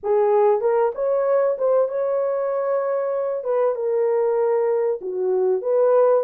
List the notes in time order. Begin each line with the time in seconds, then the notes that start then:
0.03 G#4
0.61 A#4
0.94 C#5
1.57 C5
1.88 C#5
3.43 B4
3.75 A#4
5.01 F#4
5.61 B4